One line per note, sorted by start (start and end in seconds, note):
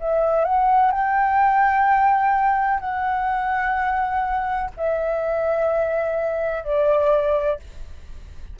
0.00 0.45 E5
0.45 0.92 F#5
0.92 2.80 G5
2.80 4.71 F#5
4.77 6.64 E5
6.64 7.59 D5